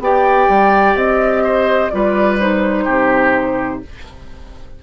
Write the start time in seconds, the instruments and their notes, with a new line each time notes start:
0.00 bassoon B3, clarinet G4, oboe D5, flute G5
0.49 bassoon G3
0.95 bassoon C4, flute D#5
1.44 oboe C5
1.90 bassoon G3, clarinet F4, oboe B4, flute D5
2.40 clarinet D#4, flute C5
2.85 bassoon C3, oboe G4